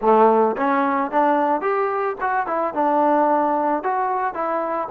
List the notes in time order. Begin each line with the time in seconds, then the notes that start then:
0.01 A3
0.57 C#4
1.11 D4
1.61 G4
2.20 F#4
2.46 E4
2.74 D4
3.83 F#4
4.34 E4